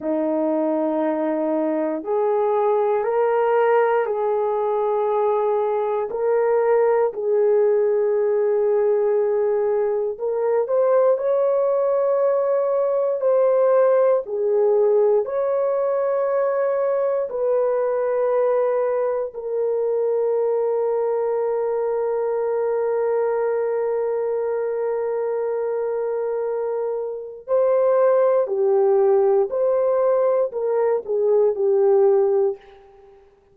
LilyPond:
\new Staff \with { instrumentName = "horn" } { \time 4/4 \tempo 4 = 59 dis'2 gis'4 ais'4 | gis'2 ais'4 gis'4~ | gis'2 ais'8 c''8 cis''4~ | cis''4 c''4 gis'4 cis''4~ |
cis''4 b'2 ais'4~ | ais'1~ | ais'2. c''4 | g'4 c''4 ais'8 gis'8 g'4 | }